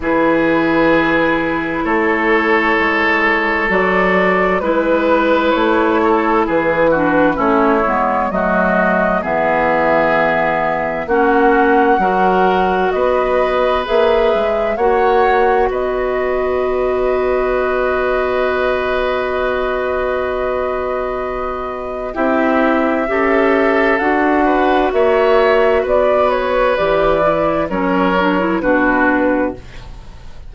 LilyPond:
<<
  \new Staff \with { instrumentName = "flute" } { \time 4/4 \tempo 4 = 65 b'2 cis''2 | d''4 b'4 cis''4 b'4 | cis''4 dis''4 e''2 | fis''2 dis''4 e''4 |
fis''4 dis''2.~ | dis''1 | e''2 fis''4 e''4 | d''8 cis''8 d''4 cis''4 b'4 | }
  \new Staff \with { instrumentName = "oboe" } { \time 4/4 gis'2 a'2~ | a'4 b'4. a'8 gis'8 fis'8 | e'4 fis'4 gis'2 | fis'4 ais'4 b'2 |
cis''4 b'2.~ | b'1 | g'4 a'4. b'8 cis''4 | b'2 ais'4 fis'4 | }
  \new Staff \with { instrumentName = "clarinet" } { \time 4/4 e'1 | fis'4 e'2~ e'8 d'8 | cis'8 b8 a4 b2 | cis'4 fis'2 gis'4 |
fis'1~ | fis'1 | e'4 g'4 fis'2~ | fis'4 g'8 e'8 cis'8 d'16 e'16 d'4 | }
  \new Staff \with { instrumentName = "bassoon" } { \time 4/4 e2 a4 gis4 | fis4 gis4 a4 e4 | a8 gis8 fis4 e2 | ais4 fis4 b4 ais8 gis8 |
ais4 b2.~ | b1 | c'4 cis'4 d'4 ais4 | b4 e4 fis4 b,4 | }
>>